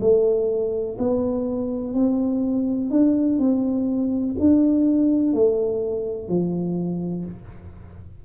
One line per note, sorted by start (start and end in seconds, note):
0.00 0.97 A3
0.98 1.94 B3
1.94 2.90 C4
2.90 3.38 D4
3.38 4.35 C4
4.39 5.33 D4
5.33 6.28 A3
6.28 7.25 F3